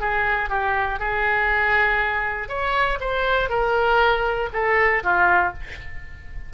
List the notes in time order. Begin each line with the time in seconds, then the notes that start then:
0.00 G#4
0.49 G4
0.99 G#4
2.48 C#5
3.00 C5
3.49 A#4
4.52 A4
5.03 F4